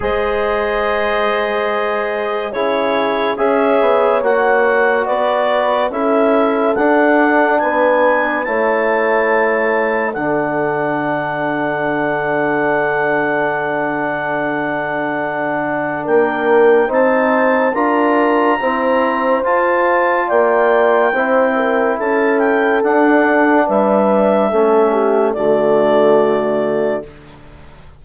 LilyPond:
<<
  \new Staff \with { instrumentName = "clarinet" } { \time 4/4 \tempo 4 = 71 dis''2. cis''4 | e''4 fis''4 d''4 e''4 | fis''4 gis''4 a''2 | fis''1~ |
fis''2. g''4 | a''4 ais''2 a''4 | g''2 a''8 g''8 fis''4 | e''2 d''2 | }
  \new Staff \with { instrumentName = "horn" } { \time 4/4 c''2. gis'4 | cis''2 b'4 a'4~ | a'4 b'4 cis''2 | a'1~ |
a'2. ais'4 | c''4 ais'4 c''2 | d''4 c''8 ais'8 a'2 | b'4 a'8 g'8 fis'2 | }
  \new Staff \with { instrumentName = "trombone" } { \time 4/4 gis'2. e'4 | gis'4 fis'2 e'4 | d'2 e'2 | d'1~ |
d'1 | dis'4 f'4 c'4 f'4~ | f'4 e'2 d'4~ | d'4 cis'4 a2 | }
  \new Staff \with { instrumentName = "bassoon" } { \time 4/4 gis2. cis4 | cis'8 b8 ais4 b4 cis'4 | d'4 b4 a2 | d1~ |
d2. ais4 | c'4 d'4 e'4 f'4 | ais4 c'4 cis'4 d'4 | g4 a4 d2 | }
>>